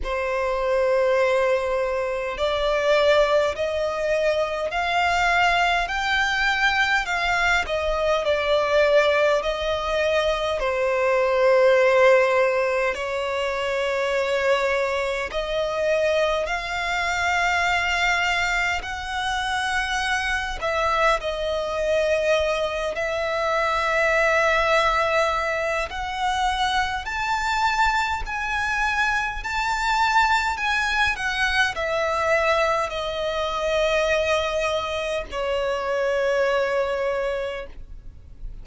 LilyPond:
\new Staff \with { instrumentName = "violin" } { \time 4/4 \tempo 4 = 51 c''2 d''4 dis''4 | f''4 g''4 f''8 dis''8 d''4 | dis''4 c''2 cis''4~ | cis''4 dis''4 f''2 |
fis''4. e''8 dis''4. e''8~ | e''2 fis''4 a''4 | gis''4 a''4 gis''8 fis''8 e''4 | dis''2 cis''2 | }